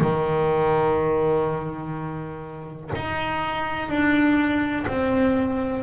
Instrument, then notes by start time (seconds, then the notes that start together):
double bass
0.00 D#3
2.95 D#4
3.89 D4
4.87 C4